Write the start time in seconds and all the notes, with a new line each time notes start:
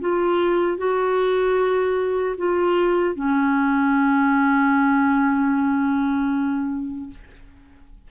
0.00 F4
0.78 F#4
2.37 F4
3.15 C#4